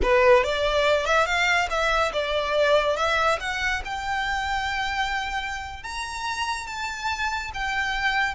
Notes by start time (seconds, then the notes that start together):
0.02 B4
0.43 D5
1.05 E5
1.26 F5
1.69 E5
2.12 D5
2.96 E5
3.40 F#5
3.84 G5
5.83 A#5
6.66 A5
7.53 G5